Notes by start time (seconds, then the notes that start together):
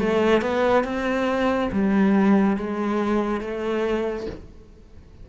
0.00 A3
0.42 B3
0.84 C4
1.72 G3
2.57 G#3
3.41 A3